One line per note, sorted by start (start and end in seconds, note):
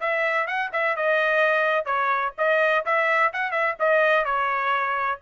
0.00 0.47 E5
0.47 0.71 F#5
0.72 0.96 E5
0.96 1.85 D#5
1.85 2.32 C#5
2.38 2.85 D#5
2.85 3.32 E5
3.33 3.51 F#5
3.51 3.75 E5
3.79 4.25 D#5
4.25 5.19 C#5